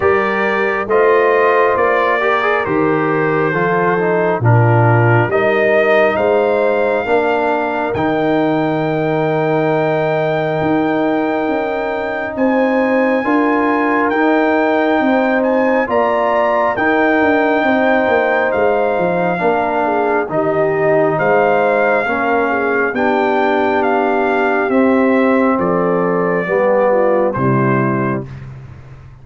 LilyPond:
<<
  \new Staff \with { instrumentName = "trumpet" } { \time 4/4 \tempo 4 = 68 d''4 dis''4 d''4 c''4~ | c''4 ais'4 dis''4 f''4~ | f''4 g''2.~ | g''2 gis''2 |
g''4. gis''8 ais''4 g''4~ | g''4 f''2 dis''4 | f''2 g''4 f''4 | e''4 d''2 c''4 | }
  \new Staff \with { instrumentName = "horn" } { \time 4/4 ais'4 c''4. ais'4. | a'4 f'4 ais'4 c''4 | ais'1~ | ais'2 c''4 ais'4~ |
ais'4 c''4 d''4 ais'4 | c''2 ais'8 gis'8 g'4 | c''4 ais'8 gis'8 g'2~ | g'4 a'4 g'8 f'8 e'4 | }
  \new Staff \with { instrumentName = "trombone" } { \time 4/4 g'4 f'4. g'16 gis'16 g'4 | f'8 dis'8 d'4 dis'2 | d'4 dis'2.~ | dis'2. f'4 |
dis'2 f'4 dis'4~ | dis'2 d'4 dis'4~ | dis'4 cis'4 d'2 | c'2 b4 g4 | }
  \new Staff \with { instrumentName = "tuba" } { \time 4/4 g4 a4 ais4 dis4 | f4 ais,4 g4 gis4 | ais4 dis2. | dis'4 cis'4 c'4 d'4 |
dis'4 c'4 ais4 dis'8 d'8 | c'8 ais8 gis8 f8 ais4 dis4 | gis4 ais4 b2 | c'4 f4 g4 c4 | }
>>